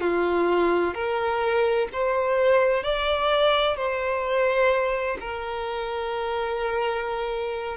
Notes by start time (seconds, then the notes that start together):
0.00 F4
0.94 A#4
1.92 C5
2.83 D5
3.76 C5
5.20 A#4